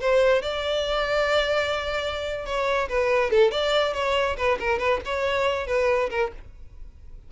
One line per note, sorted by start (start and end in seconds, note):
0.00 0.42 C5
0.42 2.45 D5
2.45 2.88 C#5
2.89 3.30 B4
3.30 3.51 A4
3.51 3.94 D5
3.94 4.36 C#5
4.37 4.58 B4
4.60 4.78 A#4
4.78 5.00 B4
5.05 5.67 C#5
5.67 6.10 B4
6.10 6.31 A#4